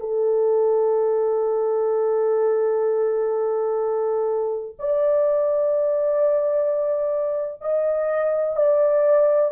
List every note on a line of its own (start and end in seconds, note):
0.00 4.76 A4
4.80 7.62 D5
7.62 8.57 D#5
8.57 9.52 D5